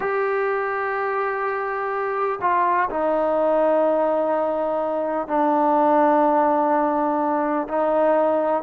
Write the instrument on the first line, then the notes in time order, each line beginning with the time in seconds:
trombone
0.00 G4
2.41 F4
2.89 D#4
5.27 D4
7.68 D#4